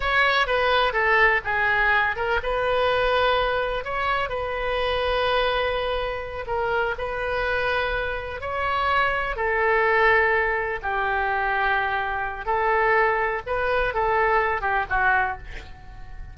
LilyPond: \new Staff \with { instrumentName = "oboe" } { \time 4/4 \tempo 4 = 125 cis''4 b'4 a'4 gis'4~ | gis'8 ais'8 b'2. | cis''4 b'2.~ | b'4. ais'4 b'4.~ |
b'4. cis''2 a'8~ | a'2~ a'8 g'4.~ | g'2 a'2 | b'4 a'4. g'8 fis'4 | }